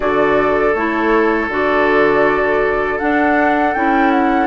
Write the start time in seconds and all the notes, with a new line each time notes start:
0.00 D3 F#4 A4 D5
0.74 A3 E4 C#5
1.48 D3 F#4 D5
2.98 D4 F#5
3.73 C#4 E4 G5
4.11 F#5